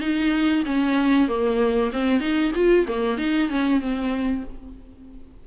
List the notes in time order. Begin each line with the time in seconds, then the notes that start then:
0.00 D#4
0.65 C#4
1.28 A#3
1.92 C4
2.20 D#4
2.55 F4
2.87 A#3
3.18 D#4
3.49 C#4
3.80 C4